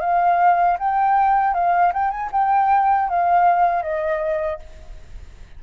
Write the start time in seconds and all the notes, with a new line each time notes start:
0.00 F5
0.78 G5
1.54 F5
1.93 G5
2.10 G#5
2.32 G5
3.09 F5
3.82 D#5